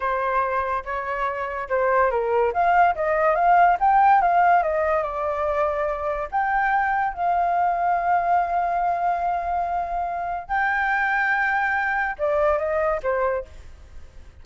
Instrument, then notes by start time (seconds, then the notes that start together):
flute
0.00 C5
0.84 C#5
1.69 C5
2.11 A#4
2.53 F5
2.95 D#5
3.35 F5
3.80 G5
4.21 F5
4.63 D#5
5.02 D5
6.31 G5
7.13 F5
10.48 G5
12.18 D5
12.58 D#5
13.02 C5